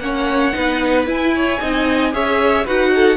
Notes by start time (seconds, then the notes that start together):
0.00 A#3 C#4 C#5 F#5
0.53 B3 D#4 B4
1.07 E4 G#5
1.36 C#5
1.61 C4 D#4 D#5
2.13 C#4 G#4 C#5 E5
2.65 D#4 F#4 B4 F#5
2.96 A4